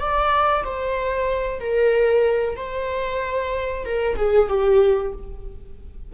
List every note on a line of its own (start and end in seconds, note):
0.00 0.65 D5
0.65 1.60 C5
1.60 2.57 A#4
2.57 3.86 C5
3.86 4.16 A#4
4.16 4.49 G#4
4.49 5.13 G4